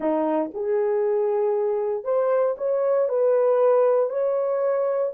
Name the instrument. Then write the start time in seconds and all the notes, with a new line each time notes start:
horn
0.00 D#4
0.54 G#4
2.04 C5
2.57 C#5
3.08 B4
4.09 C#5